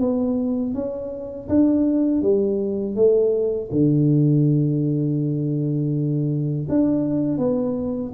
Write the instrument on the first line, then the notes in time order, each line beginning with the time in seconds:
tuba
0.00 B3
0.74 C#4
1.48 D4
2.22 G3
2.95 A3
3.71 D3
6.69 D4
7.38 B3